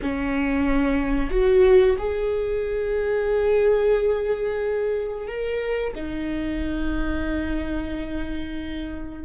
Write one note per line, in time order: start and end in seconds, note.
0.02 1.30 C#4
1.30 1.96 F#4
1.98 5.27 G#4
5.27 5.93 A#4
5.95 9.24 D#4